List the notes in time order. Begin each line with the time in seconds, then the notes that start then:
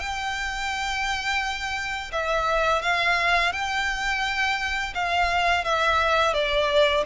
0.00 G5
2.13 E5
2.82 F5
3.53 G5
4.95 F5
5.65 E5
6.34 D5